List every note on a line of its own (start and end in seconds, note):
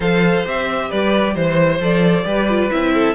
0.00 0.45 F3
0.00 0.44 A4
0.00 0.88 C5
0.00 0.46 F5
0.44 0.91 C4
0.44 1.80 G4
0.44 0.91 E5
0.89 1.35 G3
0.89 1.34 B4
0.89 1.35 D5
1.34 1.79 E3
1.34 2.24 C5
1.34 1.80 C5
1.79 2.24 F3
1.79 2.24 A4
1.79 2.70 D5
2.24 2.70 G3
2.24 2.47 G4
2.24 2.93 B4
2.49 2.70 F4
2.70 3.15 C4
2.70 3.15 E4
2.70 3.15 E5
2.94 3.15 A4